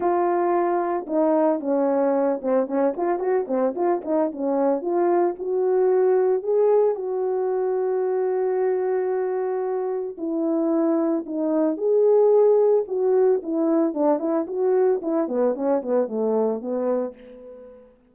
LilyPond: \new Staff \with { instrumentName = "horn" } { \time 4/4 \tempo 4 = 112 f'2 dis'4 cis'4~ | cis'8 c'8 cis'8 f'8 fis'8 c'8 f'8 dis'8 | cis'4 f'4 fis'2 | gis'4 fis'2.~ |
fis'2. e'4~ | e'4 dis'4 gis'2 | fis'4 e'4 d'8 e'8 fis'4 | e'8 b8 cis'8 b8 a4 b4 | }